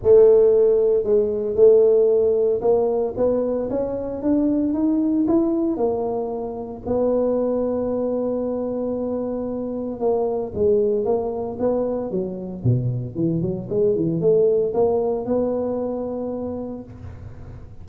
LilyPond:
\new Staff \with { instrumentName = "tuba" } { \time 4/4 \tempo 4 = 114 a2 gis4 a4~ | a4 ais4 b4 cis'4 | d'4 dis'4 e'4 ais4~ | ais4 b2.~ |
b2. ais4 | gis4 ais4 b4 fis4 | b,4 e8 fis8 gis8 e8 a4 | ais4 b2. | }